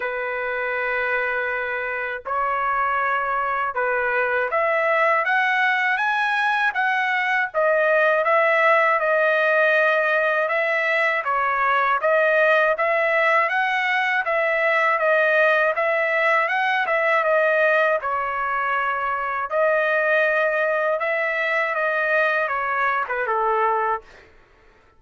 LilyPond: \new Staff \with { instrumentName = "trumpet" } { \time 4/4 \tempo 4 = 80 b'2. cis''4~ | cis''4 b'4 e''4 fis''4 | gis''4 fis''4 dis''4 e''4 | dis''2 e''4 cis''4 |
dis''4 e''4 fis''4 e''4 | dis''4 e''4 fis''8 e''8 dis''4 | cis''2 dis''2 | e''4 dis''4 cis''8. b'16 a'4 | }